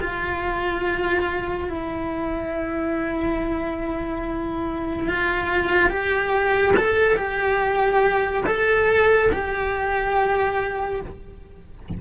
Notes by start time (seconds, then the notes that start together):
0.00 F4
1.69 E4
5.07 F4
5.89 G4
6.76 A4
7.16 G4
8.46 A4
9.31 G4